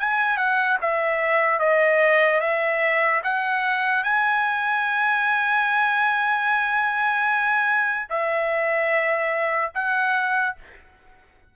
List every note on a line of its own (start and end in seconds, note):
0.00 0.38 G#5
0.38 0.78 F#5
0.81 1.60 E5
1.60 2.41 D#5
2.41 3.22 E5
3.24 4.04 F#5
4.04 8.09 G#5
8.10 9.72 E5
9.75 10.56 F#5